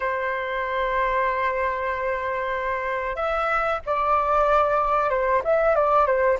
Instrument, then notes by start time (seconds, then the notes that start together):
flute
0.00 C5
3.15 E5
3.86 D5
5.10 C5
5.44 E5
5.74 D5
6.06 C5